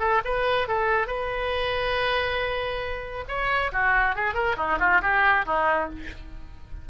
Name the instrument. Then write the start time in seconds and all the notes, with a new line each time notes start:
oboe
0.00 A4
0.25 B4
0.68 A4
1.08 B4
3.28 C#5
3.73 F#4
4.16 G#4
4.35 A#4
4.58 D#4
4.80 F4
5.02 G4
5.46 D#4